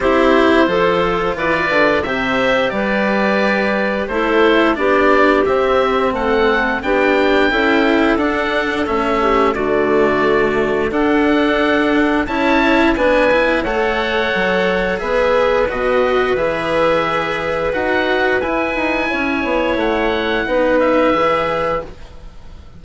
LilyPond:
<<
  \new Staff \with { instrumentName = "oboe" } { \time 4/4 \tempo 4 = 88 c''2 d''4 e''4 | d''2 c''4 d''4 | e''4 fis''4 g''2 | fis''4 e''4 d''2 |
fis''2 a''4 gis''4 | fis''2 e''4 dis''4 | e''2 fis''4 gis''4~ | gis''4 fis''4. e''4. | }
  \new Staff \with { instrumentName = "clarinet" } { \time 4/4 g'4 a'4 b'4 c''4 | b'2 a'4 g'4~ | g'4 a'4 g'4 a'4~ | a'4. g'8 fis'2 |
a'2 cis''4 b'4 | cis''2 b'2~ | b'1 | cis''2 b'2 | }
  \new Staff \with { instrumentName = "cello" } { \time 4/4 e'4 f'2 g'4~ | g'2 e'4 d'4 | c'2 d'4 e'4 | d'4 cis'4 a2 |
d'2 e'4 d'8 e'8 | a'2 gis'4 fis'4 | gis'2 fis'4 e'4~ | e'2 dis'4 gis'4 | }
  \new Staff \with { instrumentName = "bassoon" } { \time 4/4 c'4 f4 e8 d8 c4 | g2 a4 b4 | c'4 a4 b4 cis'4 | d'4 a4 d2 |
d'2 cis'4 b4 | a4 fis4 b4 b,4 | e2 dis'4 e'8 dis'8 | cis'8 b8 a4 b4 e4 | }
>>